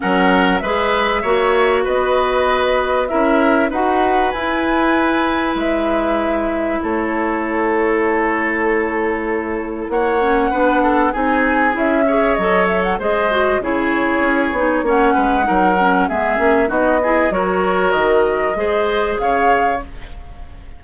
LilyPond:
<<
  \new Staff \with { instrumentName = "flute" } { \time 4/4 \tempo 4 = 97 fis''4 e''2 dis''4~ | dis''4 e''4 fis''4 gis''4~ | gis''4 e''2 cis''4~ | cis''1 |
fis''2 gis''4 e''4 | dis''8 e''16 fis''16 dis''4 cis''2 | fis''2 e''4 dis''4 | cis''4 dis''2 f''4 | }
  \new Staff \with { instrumentName = "oboe" } { \time 4/4 ais'4 b'4 cis''4 b'4~ | b'4 ais'4 b'2~ | b'2. a'4~ | a'1 |
cis''4 b'8 a'8 gis'4. cis''8~ | cis''4 c''4 gis'2 | cis''8 b'8 ais'4 gis'4 fis'8 gis'8 | ais'2 c''4 cis''4 | }
  \new Staff \with { instrumentName = "clarinet" } { \time 4/4 cis'4 gis'4 fis'2~ | fis'4 e'4 fis'4 e'4~ | e'1~ | e'1~ |
e'8 cis'8 d'4 dis'4 e'8 gis'8 | a'4 gis'8 fis'8 e'4. dis'8 | cis'4 dis'8 cis'8 b8 cis'8 dis'8 e'8 | fis'2 gis'2 | }
  \new Staff \with { instrumentName = "bassoon" } { \time 4/4 fis4 gis4 ais4 b4~ | b4 cis'4 dis'4 e'4~ | e'4 gis2 a4~ | a1 |
ais4 b4 c'4 cis'4 | fis4 gis4 cis4 cis'8 b8 | ais8 gis8 fis4 gis8 ais8 b4 | fis4 dis4 gis4 cis4 | }
>>